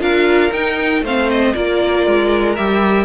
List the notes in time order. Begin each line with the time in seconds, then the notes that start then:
0.00 D4 F4 A#4 F5
0.52 D#4 G5
1.02 A3 C4 C5 F5
1.30 D#5
1.54 A#3 F4 A#4 D5
2.07 G#3
2.55 G3 G4 E5